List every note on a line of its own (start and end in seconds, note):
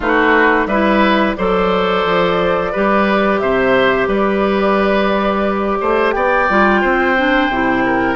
0.00 0.66 A3
0.00 0.69 D#4
0.00 0.67 F#4
0.00 0.66 B4
0.66 1.34 G3
0.66 1.37 E4
0.66 1.36 B4
0.66 1.35 E5
1.36 2.04 F#3
1.36 2.73 A4
1.36 2.72 C5
1.36 3.38 D5
2.04 2.72 F3
2.72 3.41 G3
2.72 6.49 G4
2.72 3.40 B4
3.38 4.07 C3
3.38 4.08 C5
3.38 4.06 E5
4.07 5.78 G3
4.07 5.78 B4
4.07 6.11 D5
5.80 6.14 A3
5.80 6.14 C5
6.11 6.49 B3
6.11 6.81 D5
6.11 8.15 G5
6.49 6.83 G3
6.49 7.16 F4
6.81 7.48 C4
6.81 7.83 C5
7.16 7.51 D4
7.48 8.16 C3
7.48 8.16 E4
7.85 8.16 A#4